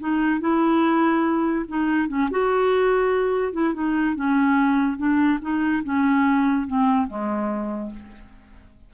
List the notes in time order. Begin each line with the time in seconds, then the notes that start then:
0.00 D#4
0.41 E4
1.68 D#4
2.08 C#4
2.31 F#4
3.53 E4
3.74 D#4
4.16 C#4
4.97 D4
5.42 D#4
5.84 C#4
6.67 C4
7.08 G#3